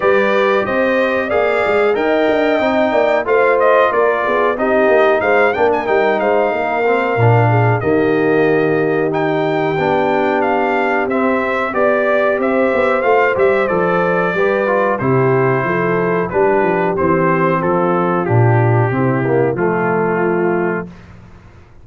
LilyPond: <<
  \new Staff \with { instrumentName = "trumpet" } { \time 4/4 \tempo 4 = 92 d''4 dis''4 f''4 g''4~ | g''4 f''8 dis''8 d''4 dis''4 | f''8 g''16 gis''16 g''8 f''2~ f''8 | dis''2 g''2 |
f''4 e''4 d''4 e''4 | f''8 e''8 d''2 c''4~ | c''4 b'4 c''4 a'4 | g'2 f'2 | }
  \new Staff \with { instrumentName = "horn" } { \time 4/4 b'4 c''4 d''4 dis''4~ | dis''8 d''8 c''4 ais'8 gis'8 g'4 | c''8 ais'4 c''8 ais'4. gis'8 | g'1~ |
g'2 d''4 c''4~ | c''2 b'4 g'4 | a'4 g'2 f'4~ | f'4 e'4 f'2 | }
  \new Staff \with { instrumentName = "trombone" } { \time 4/4 g'2 gis'4 ais'4 | dis'4 f'2 dis'4~ | dis'8 d'8 dis'4. c'8 d'4 | ais2 dis'4 d'4~ |
d'4 c'4 g'2 | f'8 g'8 a'4 g'8 f'8 e'4~ | e'4 d'4 c'2 | d'4 c'8 ais8 a2 | }
  \new Staff \with { instrumentName = "tuba" } { \time 4/4 g4 c'4 ais8 gis8 dis'8 d'8 | c'8 ais8 a4 ais8 b8 c'8 ais8 | gis8 ais8 g8 gis8 ais4 ais,4 | dis2. b4~ |
b4 c'4 b4 c'8 b8 | a8 g8 f4 g4 c4 | f4 g8 f8 e4 f4 | ais,4 c4 f2 | }
>>